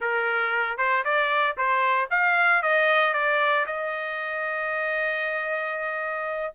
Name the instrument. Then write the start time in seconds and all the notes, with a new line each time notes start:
trumpet
0.00 A#4
0.77 C5
1.04 D5
1.57 C5
2.10 F5
2.62 D#5
3.13 D5
3.66 D#5